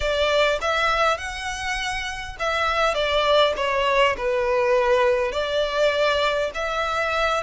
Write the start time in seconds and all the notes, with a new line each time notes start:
0.00 D5
0.61 E5
1.17 F#5
2.39 E5
2.94 D5
3.56 C#5
4.17 B4
5.32 D5
6.54 E5